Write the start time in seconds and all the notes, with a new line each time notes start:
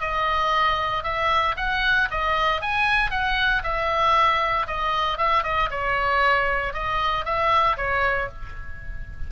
0.00 D#5
1.03 E5
1.57 F#5
2.10 D#5
2.61 G#5
3.11 F#5
3.63 E5
4.67 D#5
5.18 E5
5.44 D#5
5.71 C#5
6.73 D#5
7.25 E5
7.77 C#5